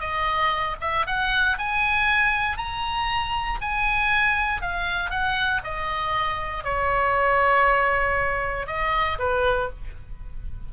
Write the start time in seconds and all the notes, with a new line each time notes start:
0.00 D#5
0.81 E5
1.07 F#5
1.58 G#5
2.57 A#5
3.61 G#5
4.62 F5
5.11 F#5
5.64 D#5
6.64 C#5
8.67 D#5
9.19 B4